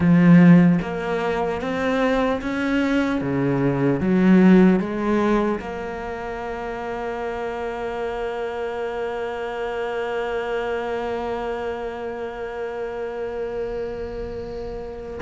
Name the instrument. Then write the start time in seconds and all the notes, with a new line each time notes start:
cello
0.00 F3
0.81 A#3
1.61 C4
2.41 C#4
3.21 C#3
4.00 F#3
4.79 G#3
5.60 A#3